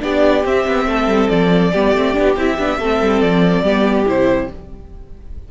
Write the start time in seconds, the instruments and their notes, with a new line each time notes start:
0.00 cello B3, viola D4, violin G4 D5
0.43 viola C4, cello C4, violin E5
0.67 cello B3
0.86 cello A3, violin A4
1.07 cello G3
1.29 cello F3, violin D5
1.72 cello G3, viola B3, violin G4
1.93 cello A3, viola C4
2.13 cello B3, viola D4
2.36 cello C4, viola E4, violin E5
2.58 cello B3, viola D4
2.79 cello A3, viola C4, violin A4
3.01 cello G3
3.21 cello F3, violin D5
3.62 cello G3, viola B3, violin G4
4.06 cello C3, viola E4, violin C5